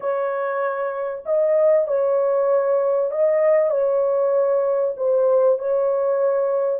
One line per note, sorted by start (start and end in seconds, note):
0.00 1.24 C#5
1.25 1.87 D#5
1.87 3.11 C#5
3.11 3.70 D#5
3.70 4.93 C#5
4.97 5.58 C5
5.58 6.80 C#5